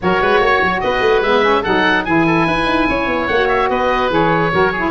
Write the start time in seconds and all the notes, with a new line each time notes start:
0.01 F#3 F#4 A#4 C#5
0.21 G#3 B4
0.39 A#3 C#5
0.61 F#3
0.80 B3 B4 D#5
1.01 A3
1.21 G#3 B3 E5
1.42 C#4
1.62 F#3 D#4 A4 F#5
2.04 E3 E4 G#4 G#5
2.26 A4
2.46 E4 B4
2.66 D#4
2.88 C#4 C#5
3.07 B3
3.27 A#3 F#4 F#5
3.48 E5
3.69 B3 B4 D#5
4.10 E3 G#4 C#5
4.52 F#3 F#4 A#4
4.72 E4 G#4